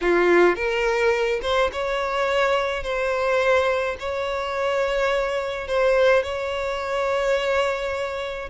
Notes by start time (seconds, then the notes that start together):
0.01 F4
0.55 A#4
1.42 C5
1.72 C#5
2.83 C5
3.99 C#5
5.67 C5
6.22 C#5